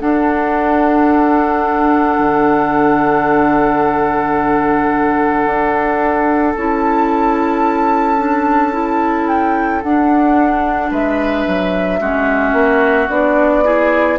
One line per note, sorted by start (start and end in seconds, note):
0.00 6.55 D4
0.00 2.18 D4
0.00 10.91 A4
0.00 6.55 F#5
2.18 5.45 D3
5.45 6.54 D4
6.56 9.84 C#4
6.56 8.18 E4
6.56 9.28 A5
8.18 8.72 D4
8.72 9.82 E4
9.28 9.82 G5
9.83 10.91 D4
9.83 12.01 D4
9.83 10.92 F#5
10.91 11.45 G#3
10.91 12.00 B4
10.91 13.09 E5
11.47 12.00 F#3
12.00 12.53 G#3
12.00 13.09 C#4
12.00 13.64 F#4
12.53 13.07 A#3
13.09 14.19 B3
13.09 13.64 D4
13.09 14.18 D5
13.64 14.18 E4
13.64 14.19 G#4